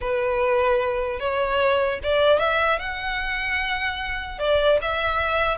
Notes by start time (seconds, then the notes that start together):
0.01 B4
1.19 C#5
2.03 D5
2.39 E5
2.79 F#5
4.39 D5
4.81 E5